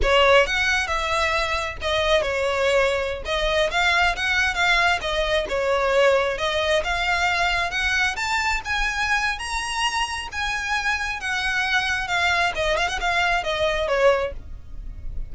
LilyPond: \new Staff \with { instrumentName = "violin" } { \time 4/4 \tempo 4 = 134 cis''4 fis''4 e''2 | dis''4 cis''2~ cis''16 dis''8.~ | dis''16 f''4 fis''4 f''4 dis''8.~ | dis''16 cis''2 dis''4 f''8.~ |
f''4~ f''16 fis''4 a''4 gis''8.~ | gis''4 ais''2 gis''4~ | gis''4 fis''2 f''4 | dis''8 f''16 fis''16 f''4 dis''4 cis''4 | }